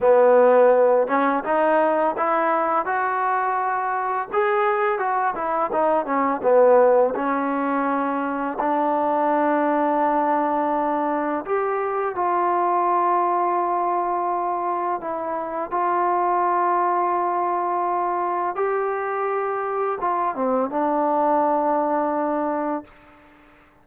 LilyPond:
\new Staff \with { instrumentName = "trombone" } { \time 4/4 \tempo 4 = 84 b4. cis'8 dis'4 e'4 | fis'2 gis'4 fis'8 e'8 | dis'8 cis'8 b4 cis'2 | d'1 |
g'4 f'2.~ | f'4 e'4 f'2~ | f'2 g'2 | f'8 c'8 d'2. | }